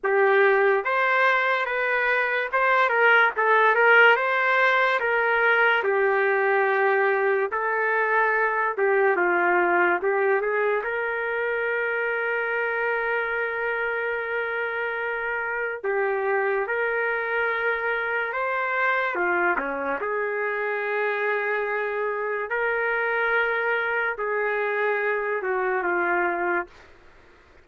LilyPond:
\new Staff \with { instrumentName = "trumpet" } { \time 4/4 \tempo 4 = 72 g'4 c''4 b'4 c''8 ais'8 | a'8 ais'8 c''4 ais'4 g'4~ | g'4 a'4. g'8 f'4 | g'8 gis'8 ais'2.~ |
ais'2. g'4 | ais'2 c''4 f'8 cis'8 | gis'2. ais'4~ | ais'4 gis'4. fis'8 f'4 | }